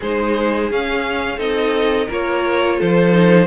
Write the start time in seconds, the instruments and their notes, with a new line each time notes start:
0.00 cello G#3, viola D#4, violin G#4 C5
0.70 viola C#4, cello C#4, violin F5
1.37 cello C4, viola D#4, violin A4 D#5
2.06 cello A#3, viola F4, violin A#4 C#5
2.77 cello F3, violin A4 C5
3.12 viola D#4